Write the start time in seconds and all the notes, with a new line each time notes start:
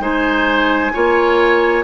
0.00 G#3 D#4 C5 G#5
0.94 A#3 F4 C#5